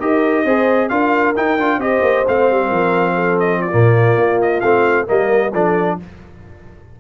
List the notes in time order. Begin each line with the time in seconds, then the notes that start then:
0.00 D#4 G4 A#4 D#5
0.45 C4 G#4 C5
0.89 D4 F4 A#4 F5
1.36 D#4 G5
1.57 D4 F4
1.78 C4 G4 C5 D#5
2.02 A#3
2.28 A3 C4 F5
2.50 G3
2.68 F3 A#4
3.15 A4
3.40 D#5
3.60 F4 D5
3.72 A#2 A#3
4.16 A#3
4.42 D#5
4.61 A3 C4 F5
5.07 G3 A#3 A#4 D#5
5.53 F3 D4 A4 D5